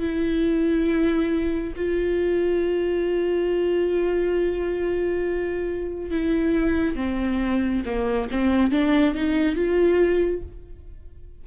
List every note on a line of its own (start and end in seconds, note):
0.00 1.74 E4
1.76 6.11 F4
6.11 6.96 E4
6.96 7.83 C4
7.85 8.29 A#3
8.31 8.72 C4
8.72 9.15 D4
9.15 9.56 D#4
9.56 10.43 F4